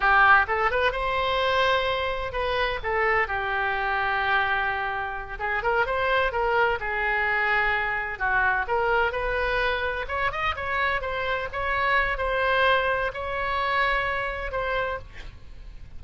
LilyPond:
\new Staff \with { instrumentName = "oboe" } { \time 4/4 \tempo 4 = 128 g'4 a'8 b'8 c''2~ | c''4 b'4 a'4 g'4~ | g'2.~ g'8 gis'8 | ais'8 c''4 ais'4 gis'4.~ |
gis'4. fis'4 ais'4 b'8~ | b'4. cis''8 dis''8 cis''4 c''8~ | c''8 cis''4. c''2 | cis''2. c''4 | }